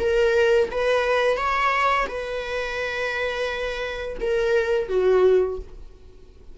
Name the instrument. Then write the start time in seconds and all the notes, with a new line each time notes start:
viola
0.00 A#4
0.72 B4
1.38 C#5
2.09 B4
4.21 A#4
4.89 F#4